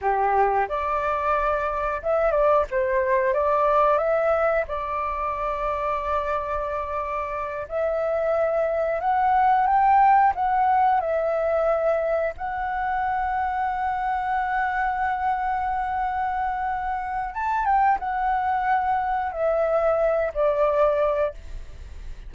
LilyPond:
\new Staff \with { instrumentName = "flute" } { \time 4/4 \tempo 4 = 90 g'4 d''2 e''8 d''8 | c''4 d''4 e''4 d''4~ | d''2.~ d''8 e''8~ | e''4. fis''4 g''4 fis''8~ |
fis''8 e''2 fis''4.~ | fis''1~ | fis''2 a''8 g''8 fis''4~ | fis''4 e''4. d''4. | }